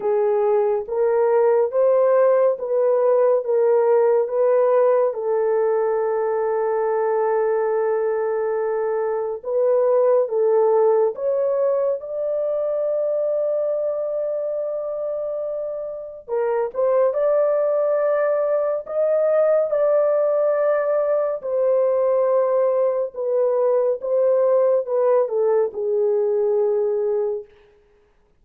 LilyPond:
\new Staff \with { instrumentName = "horn" } { \time 4/4 \tempo 4 = 70 gis'4 ais'4 c''4 b'4 | ais'4 b'4 a'2~ | a'2. b'4 | a'4 cis''4 d''2~ |
d''2. ais'8 c''8 | d''2 dis''4 d''4~ | d''4 c''2 b'4 | c''4 b'8 a'8 gis'2 | }